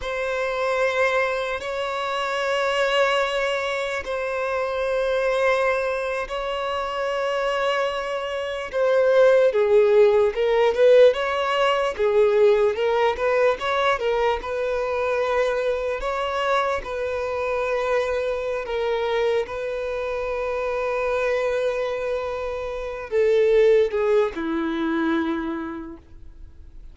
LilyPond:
\new Staff \with { instrumentName = "violin" } { \time 4/4 \tempo 4 = 74 c''2 cis''2~ | cis''4 c''2~ c''8. cis''16~ | cis''2~ cis''8. c''4 gis'16~ | gis'8. ais'8 b'8 cis''4 gis'4 ais'16~ |
ais'16 b'8 cis''8 ais'8 b'2 cis''16~ | cis''8. b'2~ b'16 ais'4 | b'1~ | b'8 a'4 gis'8 e'2 | }